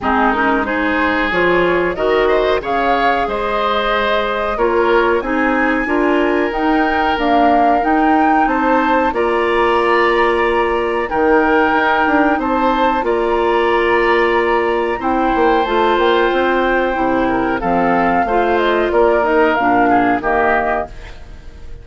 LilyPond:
<<
  \new Staff \with { instrumentName = "flute" } { \time 4/4 \tempo 4 = 92 gis'8 ais'8 c''4 cis''4 dis''4 | f''4 dis''2 cis''4 | gis''2 g''4 f''4 | g''4 a''4 ais''2~ |
ais''4 g''2 a''4 | ais''2. g''4 | a''8 g''2~ g''8 f''4~ | f''8 dis''8 d''8 dis''8 f''4 dis''4 | }
  \new Staff \with { instrumentName = "oboe" } { \time 4/4 dis'4 gis'2 ais'8 c''8 | cis''4 c''2 ais'4 | gis'4 ais'2.~ | ais'4 c''4 d''2~ |
d''4 ais'2 c''4 | d''2. c''4~ | c''2~ c''8 ais'8 a'4 | c''4 ais'4. gis'8 g'4 | }
  \new Staff \with { instrumentName = "clarinet" } { \time 4/4 c'8 cis'8 dis'4 f'4 fis'4 | gis'2. f'4 | dis'4 f'4 dis'4 ais4 | dis'2 f'2~ |
f'4 dis'2. | f'2. e'4 | f'2 e'4 c'4 | f'4. dis'8 d'4 ais4 | }
  \new Staff \with { instrumentName = "bassoon" } { \time 4/4 gis2 f4 dis4 | cis4 gis2 ais4 | c'4 d'4 dis'4 d'4 | dis'4 c'4 ais2~ |
ais4 dis4 dis'8 d'8 c'4 | ais2. c'8 ais8 | a8 ais8 c'4 c4 f4 | a4 ais4 ais,4 dis4 | }
>>